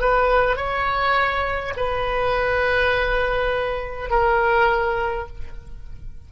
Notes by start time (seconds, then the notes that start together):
0.00 B4
0.56 C#5
1.76 B4
4.10 A#4